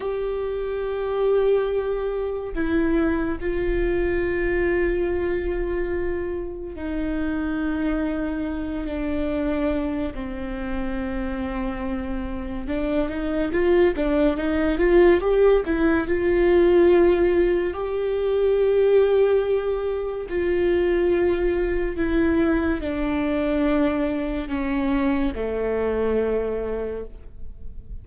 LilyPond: \new Staff \with { instrumentName = "viola" } { \time 4/4 \tempo 4 = 71 g'2. e'4 | f'1 | dis'2~ dis'8 d'4. | c'2. d'8 dis'8 |
f'8 d'8 dis'8 f'8 g'8 e'8 f'4~ | f'4 g'2. | f'2 e'4 d'4~ | d'4 cis'4 a2 | }